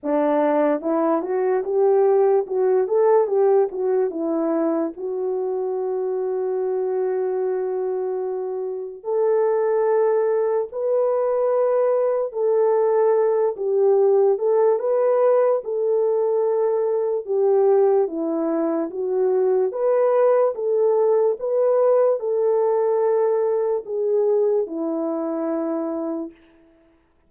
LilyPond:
\new Staff \with { instrumentName = "horn" } { \time 4/4 \tempo 4 = 73 d'4 e'8 fis'8 g'4 fis'8 a'8 | g'8 fis'8 e'4 fis'2~ | fis'2. a'4~ | a'4 b'2 a'4~ |
a'8 g'4 a'8 b'4 a'4~ | a'4 g'4 e'4 fis'4 | b'4 a'4 b'4 a'4~ | a'4 gis'4 e'2 | }